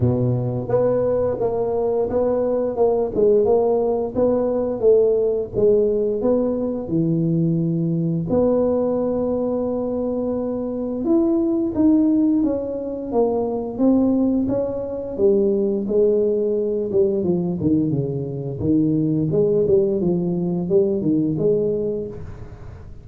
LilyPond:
\new Staff \with { instrumentName = "tuba" } { \time 4/4 \tempo 4 = 87 b,4 b4 ais4 b4 | ais8 gis8 ais4 b4 a4 | gis4 b4 e2 | b1 |
e'4 dis'4 cis'4 ais4 | c'4 cis'4 g4 gis4~ | gis8 g8 f8 dis8 cis4 dis4 | gis8 g8 f4 g8 dis8 gis4 | }